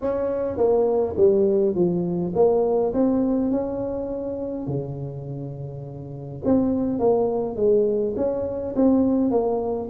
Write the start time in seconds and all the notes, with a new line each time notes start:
0.01 C#4
0.57 A#3
1.17 G3
1.75 F3
2.35 A#3
2.93 C4
3.51 C#4
4.67 C#3
6.44 C4
6.99 A#3
7.56 G#3
8.16 C#4
8.75 C4
9.30 A#3